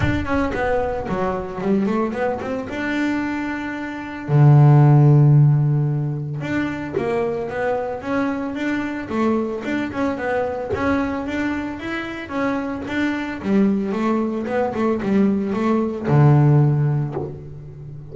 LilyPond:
\new Staff \with { instrumentName = "double bass" } { \time 4/4 \tempo 4 = 112 d'8 cis'8 b4 fis4 g8 a8 | b8 c'8 d'2. | d1 | d'4 ais4 b4 cis'4 |
d'4 a4 d'8 cis'8 b4 | cis'4 d'4 e'4 cis'4 | d'4 g4 a4 b8 a8 | g4 a4 d2 | }